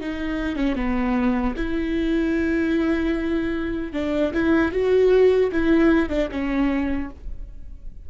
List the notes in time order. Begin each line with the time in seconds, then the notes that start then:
0.00 D#4
0.56 C#4
0.75 B3
1.56 E4
3.93 D4
4.33 E4
4.72 F#4
5.52 E4
6.09 D4
6.31 C#4